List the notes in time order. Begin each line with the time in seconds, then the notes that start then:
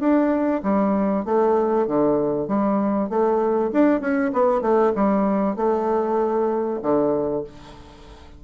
0.00 D4
0.63 G3
1.25 A3
1.87 D3
2.48 G3
3.09 A3
3.73 D4
4.01 C#4
4.33 B3
4.62 A3
4.95 G3
5.56 A3
6.82 D3